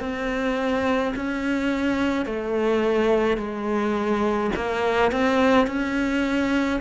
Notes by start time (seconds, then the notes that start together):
0.00 C4
1.15 C#4
2.25 A3
3.37 G#3
4.55 A#3
5.11 C4
5.67 C#4